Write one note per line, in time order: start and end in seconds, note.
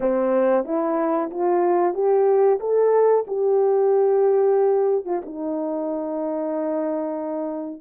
0.00 0.65 C4
0.65 1.30 E4
1.30 1.94 F4
1.94 2.59 G4
2.59 3.25 A4
3.27 5.05 G4
5.05 5.21 F4
5.25 7.81 D#4